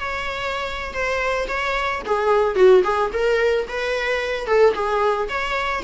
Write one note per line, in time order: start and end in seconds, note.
0.00 0.94 C#5
0.94 1.48 C5
1.48 2.02 C#5
2.06 2.56 G#4
2.56 2.83 F#4
2.84 3.11 G#4
3.13 3.67 A#4
3.68 4.47 B4
4.47 4.74 A4
4.74 5.29 G#4
5.29 5.83 C#5